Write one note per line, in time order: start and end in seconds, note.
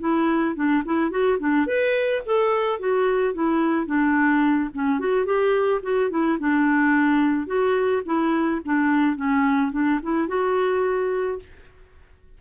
0.00 0.56 E4
0.56 0.83 D4
0.85 1.11 E4
1.11 1.39 F#4
1.39 1.67 D4
1.67 2.22 B4
2.26 2.80 A4
2.80 3.34 F#4
3.34 3.87 E4
3.87 4.70 D4
4.74 5.00 C#4
5.00 5.26 F#4
5.26 5.81 G4
5.83 6.10 F#4
6.10 6.38 E4
6.40 7.47 D4
7.47 8.02 F#4
8.06 8.61 E4
8.65 9.16 D4
9.16 9.72 C#4
9.72 10.00 D4
10.03 10.28 E4
10.28 11.39 F#4